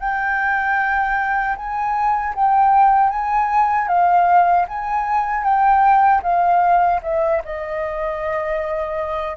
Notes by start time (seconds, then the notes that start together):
0.00 G5
1.56 G#5
2.35 G5
3.10 G#5
3.88 F5
4.68 G#5
5.44 G5
6.23 F5
7.03 E5
7.45 D#5